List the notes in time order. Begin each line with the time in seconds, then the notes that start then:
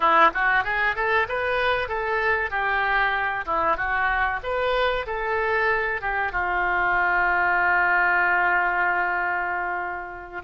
0.00 E4
0.33 F#4
0.64 G#4
0.95 A4
1.28 B4
1.88 A4
2.50 G4
3.45 E4
3.76 F#4
4.43 B4
5.06 A4
6.01 G4
6.32 F4